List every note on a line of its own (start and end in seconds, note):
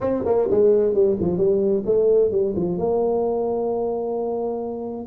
0.00 0.23 C4
0.25 0.48 A#3
0.50 0.94 G#3
0.94 1.17 G3
1.20 1.37 F3
1.37 1.83 G3
1.85 2.31 A3
2.31 2.54 G3
2.56 2.77 F3
2.77 5.06 A#3